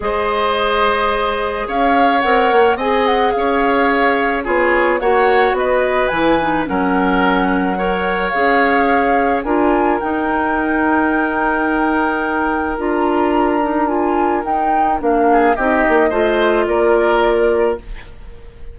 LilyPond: <<
  \new Staff \with { instrumentName = "flute" } { \time 4/4 \tempo 4 = 108 dis''2. f''4 | fis''4 gis''8 fis''8 f''2 | cis''4 fis''4 dis''4 gis''4 | fis''2. f''4~ |
f''4 gis''4 g''2~ | g''2. ais''4~ | ais''4 gis''4 g''4 f''4 | dis''2 d''2 | }
  \new Staff \with { instrumentName = "oboe" } { \time 4/4 c''2. cis''4~ | cis''4 dis''4 cis''2 | gis'4 cis''4 b'2 | ais'2 cis''2~ |
cis''4 ais'2.~ | ais'1~ | ais'2.~ ais'8 gis'8 | g'4 c''4 ais'2 | }
  \new Staff \with { instrumentName = "clarinet" } { \time 4/4 gis'1 | ais'4 gis'2. | f'4 fis'2 e'8 dis'8 | cis'2 ais'4 gis'4~ |
gis'4 f'4 dis'2~ | dis'2. f'4~ | f'8 dis'8 f'4 dis'4 d'4 | dis'4 f'2. | }
  \new Staff \with { instrumentName = "bassoon" } { \time 4/4 gis2. cis'4 | c'8 ais8 c'4 cis'2 | b4 ais4 b4 e4 | fis2. cis'4~ |
cis'4 d'4 dis'2~ | dis'2. d'4~ | d'2 dis'4 ais4 | c'8 ais8 a4 ais2 | }
>>